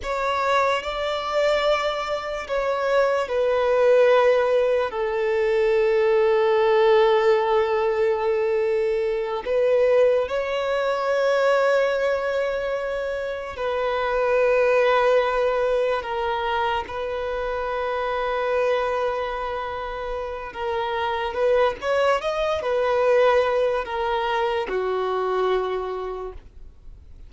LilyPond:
\new Staff \with { instrumentName = "violin" } { \time 4/4 \tempo 4 = 73 cis''4 d''2 cis''4 | b'2 a'2~ | a'2.~ a'8 b'8~ | b'8 cis''2.~ cis''8~ |
cis''8 b'2. ais'8~ | ais'8 b'2.~ b'8~ | b'4 ais'4 b'8 cis''8 dis''8 b'8~ | b'4 ais'4 fis'2 | }